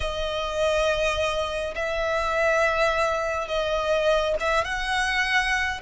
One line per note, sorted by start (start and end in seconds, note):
0.00 1.74 D#5
1.75 3.48 E5
3.48 4.35 D#5
4.40 4.64 E5
4.64 5.81 F#5